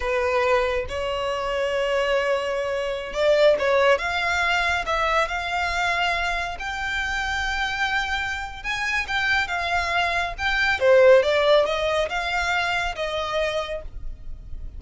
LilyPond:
\new Staff \with { instrumentName = "violin" } { \time 4/4 \tempo 4 = 139 b'2 cis''2~ | cis''2.~ cis''16 d''8.~ | d''16 cis''4 f''2 e''8.~ | e''16 f''2. g''8.~ |
g''1 | gis''4 g''4 f''2 | g''4 c''4 d''4 dis''4 | f''2 dis''2 | }